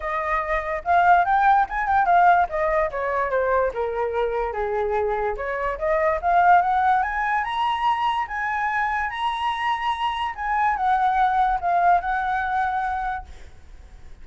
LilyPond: \new Staff \with { instrumentName = "flute" } { \time 4/4 \tempo 4 = 145 dis''2 f''4 g''4 | gis''8 g''8 f''4 dis''4 cis''4 | c''4 ais'2 gis'4~ | gis'4 cis''4 dis''4 f''4 |
fis''4 gis''4 ais''2 | gis''2 ais''2~ | ais''4 gis''4 fis''2 | f''4 fis''2. | }